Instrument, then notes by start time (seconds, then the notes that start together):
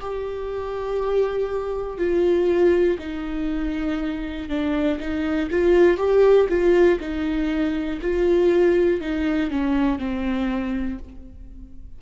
viola
0.00 G4
1.98 F4
3.00 D#4
4.49 D4
5.00 D#4
5.51 F4
5.98 G4
6.50 F4
7.00 D#4
8.01 F4
9.00 D#4
9.50 C#4
9.99 C4